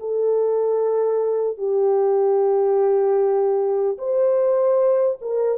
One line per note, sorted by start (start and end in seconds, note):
0.00 1.58 A4
1.58 3.98 G4
3.98 5.18 C5
5.21 5.58 A#4